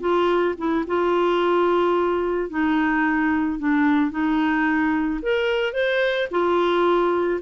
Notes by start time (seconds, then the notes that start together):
0.00 F4
0.58 E4
0.87 F4
2.49 D#4
3.59 D4
4.11 D#4
5.22 A#4
5.73 C5
6.31 F4